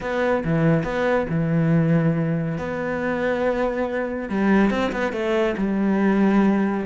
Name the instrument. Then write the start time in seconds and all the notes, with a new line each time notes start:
cello
0.01 B3
0.44 E3
0.83 B3
1.29 E3
2.58 B3
4.29 G3
4.70 C4
4.91 B3
5.12 A3
5.57 G3